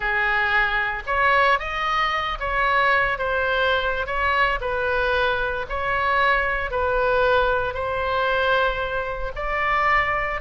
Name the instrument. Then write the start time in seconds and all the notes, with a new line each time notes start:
oboe
0.00 G#4
1.06 C#5
1.59 D#5
2.39 C#5
3.18 C5
4.06 C#5
4.61 B4
5.69 C#5
6.71 B4
7.74 C5
9.35 D5